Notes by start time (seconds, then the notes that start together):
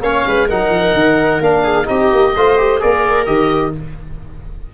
0.00 A#3 C#4 C#5 F5
0.26 G#3 B4
0.47 F#3 D#4 A#4 F#5
0.69 F3
0.94 D#3
1.40 A#3 D4 F5
1.63 G#4
1.84 C4 D#4 G4 D#5
2.12 A#3
2.36 A3 F4 C5
2.57 G4
2.79 A#3 G#4 A#4 D5
3.25 D#3 G4 D#5